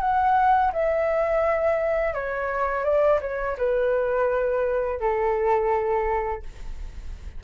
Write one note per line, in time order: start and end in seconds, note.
0.00 0.71 F#5
0.72 2.14 E5
2.14 2.84 C#5
2.84 3.19 D5
3.21 3.56 C#5
3.57 5.00 B4
5.00 6.43 A4